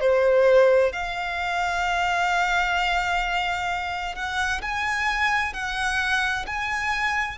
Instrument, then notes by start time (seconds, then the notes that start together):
violin
0.00 C5
0.92 F5
4.15 F#5
4.61 G#5
5.53 F#5
6.46 G#5